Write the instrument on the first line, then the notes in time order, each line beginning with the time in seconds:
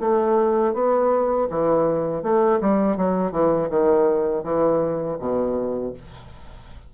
bassoon
0.00 A3
0.73 B3
1.50 E3
2.23 A3
2.61 G3
2.97 F#3
3.31 E3
3.69 D#3
4.43 E3
5.19 B2